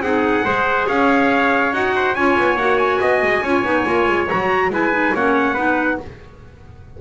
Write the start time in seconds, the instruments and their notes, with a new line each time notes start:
0.00 double bass C4, clarinet D#4, trumpet G#4 F#5
0.45 double bass G#3, clarinet G#4, trumpet C5
0.87 double bass C#4, trumpet C#5 F5
1.73 double bass D#4, clarinet F#4, trumpet F#5
1.96 trumpet C5
2.15 double bass C#4, clarinet F4, trumpet C#5 G#5
2.38 double bass B3
2.56 double bass A#3, clarinet F#4, trumpet F#5
2.78 trumpet G#5
3.01 double bass B3, trumpet D#5
3.23 double bass G#3
3.42 double bass C#4, clarinet F4, trumpet C#5
3.64 double bass B3, clarinet D#4
3.86 double bass A#3, clarinet F4
4.08 double bass G#3
4.30 double bass F#3, clarinet F#4, trumpet A#5
4.70 double bass G#3, clarinet E4, trumpet B4 G#5
4.92 clarinet D#4
5.15 double bass A#3, clarinet C#4, trumpet C#5 F#5
5.54 double bass B3, clarinet D#4, trumpet B4